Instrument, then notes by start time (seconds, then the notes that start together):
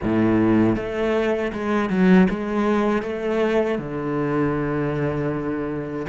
cello
0.02 A2
0.76 A3
1.52 G#3
1.90 F#3
2.29 G#3
3.02 A3
3.78 D3